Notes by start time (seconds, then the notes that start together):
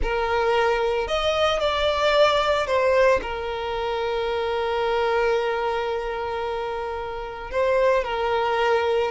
0.02 A#4
1.07 D#5
1.59 D5
2.66 C5
3.22 A#4
7.50 C5
8.04 A#4